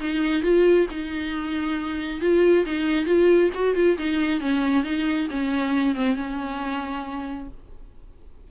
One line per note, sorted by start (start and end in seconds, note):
0.00 0.42 D#4
0.42 0.86 F4
0.90 2.21 D#4
2.21 2.65 F4
2.66 3.06 D#4
3.06 3.50 F4
3.54 3.75 F#4
3.75 3.97 F4
3.98 4.40 D#4
4.40 4.83 C#4
4.83 5.27 D#4
5.30 5.95 C#4
5.95 6.15 C4
6.15 7.48 C#4